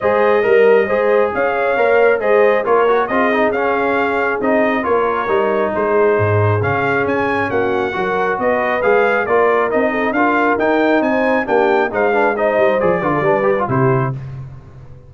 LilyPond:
<<
  \new Staff \with { instrumentName = "trumpet" } { \time 4/4 \tempo 4 = 136 dis''2. f''4~ | f''4 dis''4 cis''4 dis''4 | f''2 dis''4 cis''4~ | cis''4 c''2 f''4 |
gis''4 fis''2 dis''4 | f''4 d''4 dis''4 f''4 | g''4 gis''4 g''4 f''4 | dis''4 d''2 c''4 | }
  \new Staff \with { instrumentName = "horn" } { \time 4/4 c''4 ais'4 c''4 cis''4~ | cis''4 c''4 ais'4 gis'4~ | gis'2. ais'4~ | ais'4 gis'2.~ |
gis'4 fis'4 ais'4 b'4~ | b'4 ais'4. a'8 ais'4~ | ais'4 c''4 g'4 c''8 b'8 | c''4. b'16 a'16 b'4 g'4 | }
  \new Staff \with { instrumentName = "trombone" } { \time 4/4 gis'4 ais'4 gis'2 | ais'4 gis'4 f'8 fis'8 f'8 dis'8 | cis'2 dis'4 f'4 | dis'2. cis'4~ |
cis'2 fis'2 | gis'4 f'4 dis'4 f'4 | dis'2 d'4 dis'8 d'8 | dis'4 gis'8 f'8 d'8 g'16 f'16 e'4 | }
  \new Staff \with { instrumentName = "tuba" } { \time 4/4 gis4 g4 gis4 cis'4 | ais4 gis4 ais4 c'4 | cis'2 c'4 ais4 | g4 gis4 gis,4 cis4 |
cis'4 ais4 fis4 b4 | gis4 ais4 c'4 d'4 | dis'4 c'4 ais4 gis4~ | gis8 g8 f8 d8 g4 c4 | }
>>